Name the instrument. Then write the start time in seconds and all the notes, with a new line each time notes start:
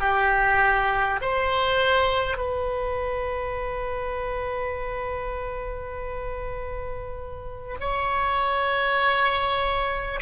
oboe
0.00 G4
1.21 C5
2.37 B4
7.79 C#5